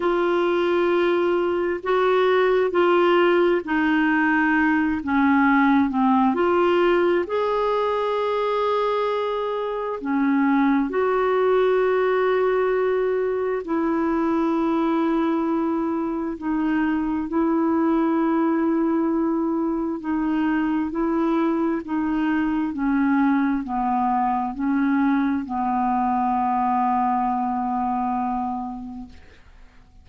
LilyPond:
\new Staff \with { instrumentName = "clarinet" } { \time 4/4 \tempo 4 = 66 f'2 fis'4 f'4 | dis'4. cis'4 c'8 f'4 | gis'2. cis'4 | fis'2. e'4~ |
e'2 dis'4 e'4~ | e'2 dis'4 e'4 | dis'4 cis'4 b4 cis'4 | b1 | }